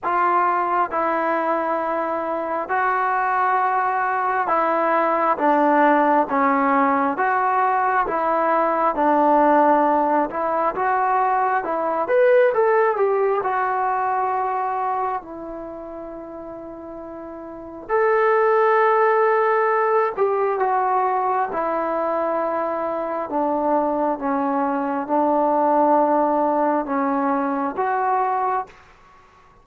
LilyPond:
\new Staff \with { instrumentName = "trombone" } { \time 4/4 \tempo 4 = 67 f'4 e'2 fis'4~ | fis'4 e'4 d'4 cis'4 | fis'4 e'4 d'4. e'8 | fis'4 e'8 b'8 a'8 g'8 fis'4~ |
fis'4 e'2. | a'2~ a'8 g'8 fis'4 | e'2 d'4 cis'4 | d'2 cis'4 fis'4 | }